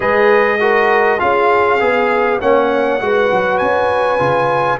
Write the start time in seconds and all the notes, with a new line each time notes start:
0.00 G#3 G#4 B4 D#5
0.59 F#4 A#4
1.18 C#4 F4 G#4 F5
1.79 B3 G#4
2.40 A#3 C#4 C#5 F#5
3.00 G#3 F#4 B4
3.31 F#3
3.58 C#4 G#5
4.19 C#3 F4